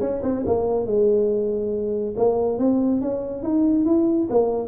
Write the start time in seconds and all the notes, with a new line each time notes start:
0.00 C#4
0.22 C4
0.46 A#3
0.86 G#3
2.16 A#3
2.58 C4
3.01 C#4
3.42 D#4
3.85 E4
4.30 A#3